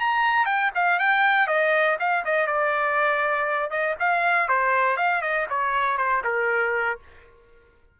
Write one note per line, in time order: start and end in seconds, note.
0.00 0.46 A#5
0.46 0.71 G5
0.75 0.99 F5
0.99 1.47 G5
1.47 1.97 D#5
2.00 2.25 F5
2.25 2.47 D#5
2.47 3.70 D5
3.70 3.95 D#5
4.00 4.48 F5
4.48 4.97 C5
4.97 5.22 F5
5.22 5.47 D#5
5.50 5.97 C#5
5.97 6.22 C5
6.24 6.99 A#4